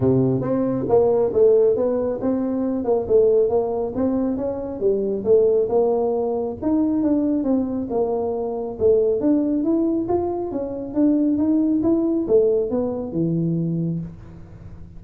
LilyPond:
\new Staff \with { instrumentName = "tuba" } { \time 4/4 \tempo 4 = 137 c4 c'4 ais4 a4 | b4 c'4. ais8 a4 | ais4 c'4 cis'4 g4 | a4 ais2 dis'4 |
d'4 c'4 ais2 | a4 d'4 e'4 f'4 | cis'4 d'4 dis'4 e'4 | a4 b4 e2 | }